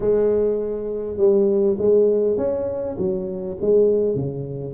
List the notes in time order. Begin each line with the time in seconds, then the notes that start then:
0.00 G#3
1.17 G3
1.78 G#3
2.37 C#4
2.98 F#3
3.61 G#3
4.14 C#3